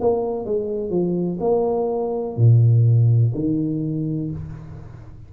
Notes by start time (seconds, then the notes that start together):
0.00 A#3
0.45 G#3
0.90 F3
1.40 A#3
2.37 A#2
3.34 D#3